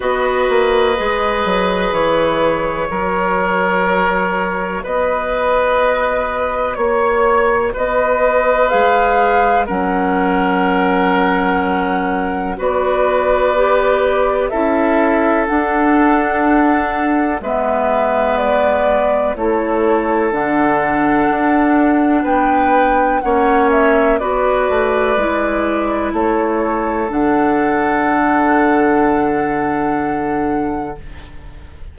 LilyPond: <<
  \new Staff \with { instrumentName = "flute" } { \time 4/4 \tempo 4 = 62 dis''2 cis''2~ | cis''4 dis''2 cis''4 | dis''4 f''4 fis''2~ | fis''4 d''2 e''4 |
fis''2 e''4 d''4 | cis''4 fis''2 g''4 | fis''8 e''8 d''2 cis''4 | fis''1 | }
  \new Staff \with { instrumentName = "oboe" } { \time 4/4 b'2. ais'4~ | ais'4 b'2 cis''4 | b'2 ais'2~ | ais'4 b'2 a'4~ |
a'2 b'2 | a'2. b'4 | cis''4 b'2 a'4~ | a'1 | }
  \new Staff \with { instrumentName = "clarinet" } { \time 4/4 fis'4 gis'2 fis'4~ | fis'1~ | fis'4 gis'4 cis'2~ | cis'4 fis'4 g'4 e'4 |
d'2 b2 | e'4 d'2. | cis'4 fis'4 e'2 | d'1 | }
  \new Staff \with { instrumentName = "bassoon" } { \time 4/4 b8 ais8 gis8 fis8 e4 fis4~ | fis4 b2 ais4 | b4 gis4 fis2~ | fis4 b2 cis'4 |
d'2 gis2 | a4 d4 d'4 b4 | ais4 b8 a8 gis4 a4 | d1 | }
>>